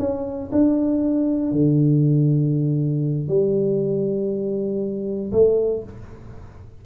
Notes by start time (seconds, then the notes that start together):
0.00 C#4
0.52 D4
1.52 D3
3.29 G3
5.33 A3